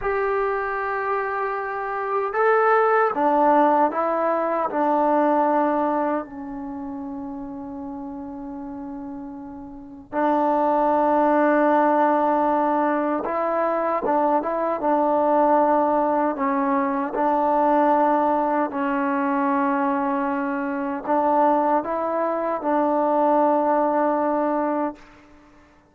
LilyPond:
\new Staff \with { instrumentName = "trombone" } { \time 4/4 \tempo 4 = 77 g'2. a'4 | d'4 e'4 d'2 | cis'1~ | cis'4 d'2.~ |
d'4 e'4 d'8 e'8 d'4~ | d'4 cis'4 d'2 | cis'2. d'4 | e'4 d'2. | }